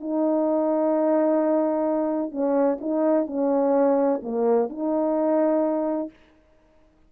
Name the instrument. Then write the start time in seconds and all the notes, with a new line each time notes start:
horn
0.00 D#4
2.31 C#4
2.80 D#4
3.27 C#4
4.23 A#3
4.69 D#4